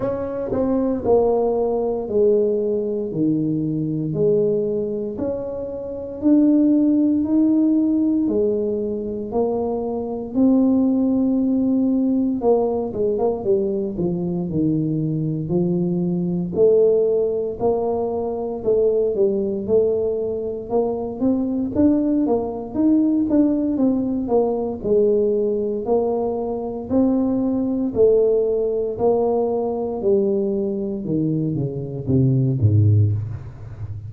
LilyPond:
\new Staff \with { instrumentName = "tuba" } { \time 4/4 \tempo 4 = 58 cis'8 c'8 ais4 gis4 dis4 | gis4 cis'4 d'4 dis'4 | gis4 ais4 c'2 | ais8 gis16 ais16 g8 f8 dis4 f4 |
a4 ais4 a8 g8 a4 | ais8 c'8 d'8 ais8 dis'8 d'8 c'8 ais8 | gis4 ais4 c'4 a4 | ais4 g4 dis8 cis8 c8 gis,8 | }